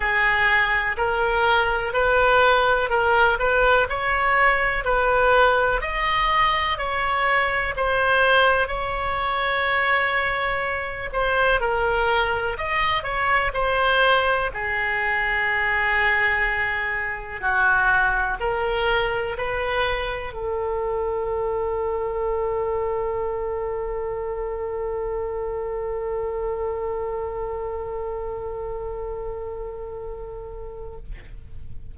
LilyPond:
\new Staff \with { instrumentName = "oboe" } { \time 4/4 \tempo 4 = 62 gis'4 ais'4 b'4 ais'8 b'8 | cis''4 b'4 dis''4 cis''4 | c''4 cis''2~ cis''8 c''8 | ais'4 dis''8 cis''8 c''4 gis'4~ |
gis'2 fis'4 ais'4 | b'4 a'2.~ | a'1~ | a'1 | }